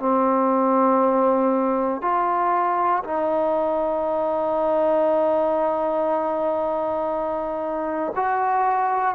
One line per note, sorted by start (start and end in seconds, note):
0.00 2.02 C4
2.02 3.04 F4
3.05 8.13 D#4
8.16 9.16 F#4